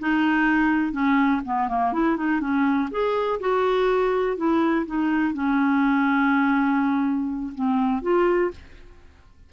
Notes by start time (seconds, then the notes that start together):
0.00 D#4
0.93 C#4
1.45 B3
1.69 A#3
1.93 E4
2.17 D#4
2.41 C#4
2.91 G#4
3.40 F#4
4.37 E4
4.86 D#4
5.34 C#4
7.55 C4
8.02 F4